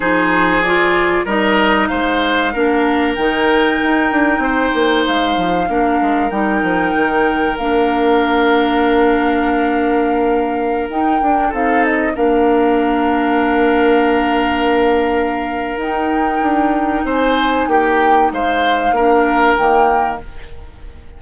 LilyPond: <<
  \new Staff \with { instrumentName = "flute" } { \time 4/4 \tempo 4 = 95 c''4 d''4 dis''4 f''4~ | f''4 g''2. | f''2 g''2 | f''1~ |
f''4~ f''16 g''4 f''8 dis''8 f''8.~ | f''1~ | f''4 g''2 gis''4 | g''4 f''2 g''4 | }
  \new Staff \with { instrumentName = "oboe" } { \time 4/4 gis'2 ais'4 c''4 | ais'2. c''4~ | c''4 ais'2.~ | ais'1~ |
ais'2~ ais'16 a'4 ais'8.~ | ais'1~ | ais'2. c''4 | g'4 c''4 ais'2 | }
  \new Staff \with { instrumentName = "clarinet" } { \time 4/4 dis'4 f'4 dis'2 | d'4 dis'2.~ | dis'4 d'4 dis'2 | d'1~ |
d'4~ d'16 dis'8 d'8 dis'4 d'8.~ | d'1~ | d'4 dis'2.~ | dis'2 d'4 ais4 | }
  \new Staff \with { instrumentName = "bassoon" } { \time 4/4 f2 g4 gis4 | ais4 dis4 dis'8 d'8 c'8 ais8 | gis8 f8 ais8 gis8 g8 f8 dis4 | ais1~ |
ais4~ ais16 dis'8 d'8 c'4 ais8.~ | ais1~ | ais4 dis'4 d'4 c'4 | ais4 gis4 ais4 dis4 | }
>>